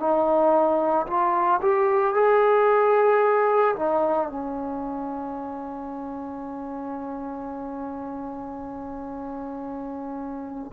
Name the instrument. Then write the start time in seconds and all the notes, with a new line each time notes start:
trombone
0.00 D#4
1.07 F4
1.62 G4
2.15 G#4
3.76 D#4
4.29 C#4